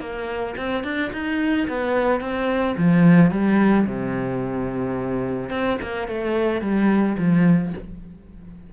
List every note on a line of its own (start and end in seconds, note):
0.00 0.55 A#3
0.57 0.84 C4
0.84 1.11 D4
1.13 1.68 D#4
1.68 2.20 B3
2.20 2.75 C4
2.77 3.31 F3
3.31 3.86 G3
3.87 5.50 C3
5.50 5.77 C4
5.82 6.08 A#3
6.08 6.61 A3
6.61 7.16 G3
7.18 7.73 F3